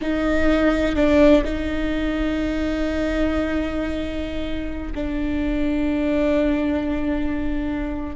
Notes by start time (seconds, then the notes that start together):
0.01 D#4
0.95 D4
1.44 D#4
4.94 D4